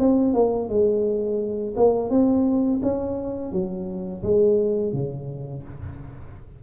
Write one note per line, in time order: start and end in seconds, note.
0.00 0.34 C4
0.34 0.70 A#3
0.70 1.76 G#3
1.77 2.10 A#3
2.10 2.81 C4
2.83 3.52 C#4
3.52 4.23 F#3
4.24 4.93 G#3
4.93 5.64 C#3